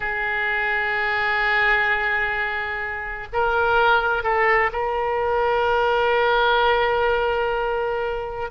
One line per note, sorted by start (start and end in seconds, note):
0.00 3.27 G#4
3.32 4.23 A#4
4.23 4.70 A4
4.72 8.50 A#4